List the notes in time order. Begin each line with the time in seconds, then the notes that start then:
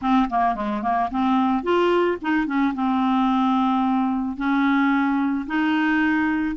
0.01 C4
0.29 A#3
0.55 G#3
0.82 A#3
1.10 C4
1.63 F4
2.21 D#4
2.46 C#4
2.74 C4
4.37 C#4
5.46 D#4